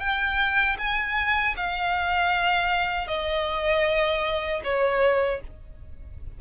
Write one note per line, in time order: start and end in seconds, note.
0.00 0.77 G5
0.78 1.55 G#5
1.57 3.08 F5
3.08 4.62 D#5
4.64 5.41 C#5